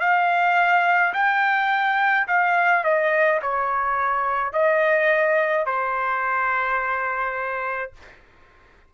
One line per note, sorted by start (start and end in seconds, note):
0.00 1.13 F5
1.14 2.27 G5
2.27 2.84 F5
2.84 3.40 D#5
3.42 4.53 C#5
4.53 5.66 D#5
5.66 7.92 C5